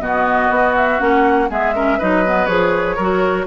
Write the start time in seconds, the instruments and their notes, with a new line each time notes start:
0.00 bassoon B2, clarinet B3, oboe F#4, flute D#5
0.50 bassoon B3
0.76 flute E5
0.99 bassoon A#3, clarinet C#4, flute F#5
1.50 bassoon G#3, clarinet B3, oboe G#4, flute E5
1.74 clarinet C#4, oboe A#4
1.98 bassoon F#3, clarinet D#4, oboe B4, flute D#5
2.26 clarinet B3
2.46 bassoon F3, clarinet G#4, flute C#5
2.96 bassoon F#3, clarinet F#4, oboe A#4